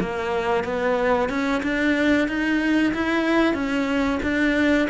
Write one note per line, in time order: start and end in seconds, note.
0.00 0.64 A#3
0.64 1.29 B3
1.29 1.62 C#4
1.63 2.28 D4
2.28 2.93 D#4
2.94 3.54 E4
3.54 4.19 C#4
4.23 4.88 D4